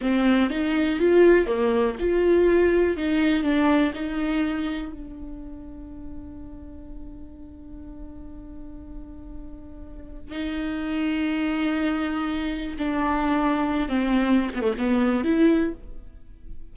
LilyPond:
\new Staff \with { instrumentName = "viola" } { \time 4/4 \tempo 4 = 122 c'4 dis'4 f'4 ais4 | f'2 dis'4 d'4 | dis'2 d'2~ | d'1~ |
d'1~ | d'4 dis'2.~ | dis'2 d'2~ | d'16 c'4~ c'16 b16 a16 b4 e'4 | }